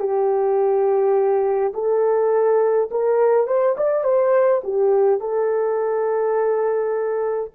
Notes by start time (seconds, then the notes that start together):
0.00 G4
1.74 A4
2.92 A#4
3.47 C5
3.77 D5
4.04 C5
4.64 G4
5.20 A4